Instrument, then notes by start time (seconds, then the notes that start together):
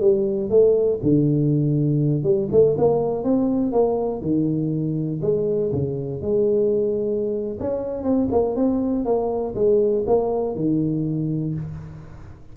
tuba
0.00 G3
0.50 A3
1.03 D3
2.23 G3
2.51 A3
2.77 A#3
3.24 C4
3.72 A#3
4.21 D#3
5.22 G#3
5.72 C#3
6.21 G#3
7.60 C#4
8.03 C4
8.31 A#3
8.56 C4
9.05 A#3
9.55 G#3
10.06 A#3
10.55 D#3